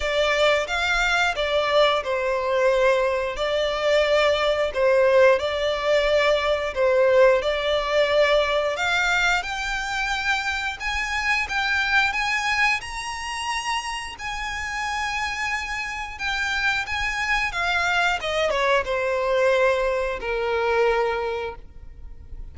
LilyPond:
\new Staff \with { instrumentName = "violin" } { \time 4/4 \tempo 4 = 89 d''4 f''4 d''4 c''4~ | c''4 d''2 c''4 | d''2 c''4 d''4~ | d''4 f''4 g''2 |
gis''4 g''4 gis''4 ais''4~ | ais''4 gis''2. | g''4 gis''4 f''4 dis''8 cis''8 | c''2 ais'2 | }